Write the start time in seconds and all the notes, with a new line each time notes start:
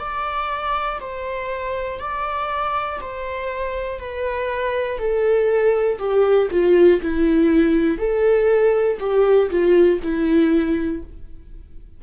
0.00 D5
1.01 C5
2.00 D5
3.01 C5
4.00 B4
4.99 A4
5.99 G4
6.51 F4
7.02 E4
7.99 A4
9.00 G4
9.50 F4
10.03 E4